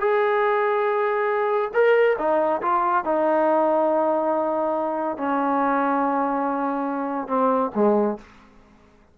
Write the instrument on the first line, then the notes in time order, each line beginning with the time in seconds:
trombone
0.00 G#4
1.74 A#4
2.18 D#4
2.62 F4
3.04 D#4
5.17 C#4
7.28 C4
7.75 G#3